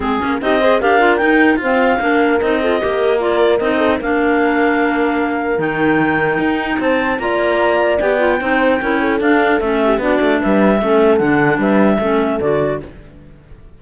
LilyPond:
<<
  \new Staff \with { instrumentName = "clarinet" } { \time 4/4 \tempo 4 = 150 gis'4 dis''4 f''4 g''4 | f''2 dis''2 | d''4 dis''4 f''2~ | f''2 g''2~ |
g''4 a''4 ais''2 | g''2. f''4 | e''4 d''4 e''2 | fis''4 e''2 d''4 | }
  \new Staff \with { instrumentName = "horn" } { \time 4/4 gis'4 g'8 c''8 ais'2 | c''4 ais'4. a'8 ais'4~ | ais'4. a'8 ais'2~ | ais'1~ |
ais'4 c''4 d''2~ | d''4 c''4 ais'8 a'4.~ | a'8 g'8 fis'4 b'4 a'4~ | a'4 b'4 a'2 | }
  \new Staff \with { instrumentName = "clarinet" } { \time 4/4 c'8 cis'8 dis'8 gis'8 g'8 f'8 dis'4 | c'4 d'4 dis'8 f'8 g'4 | f'4 dis'4 d'2~ | d'2 dis'2~ |
dis'2 f'2 | g'8 f'8 dis'4 e'4 d'4 | cis'4 d'2 cis'4 | d'2 cis'4 fis'4 | }
  \new Staff \with { instrumentName = "cello" } { \time 4/4 gis8 ais8 c'4 d'4 dis'4 | f'4 ais4 c'4 ais4~ | ais4 c'4 ais2~ | ais2 dis2 |
dis'4 c'4 ais2 | b4 c'4 cis'4 d'4 | a4 b8 a8 g4 a4 | d4 g4 a4 d4 | }
>>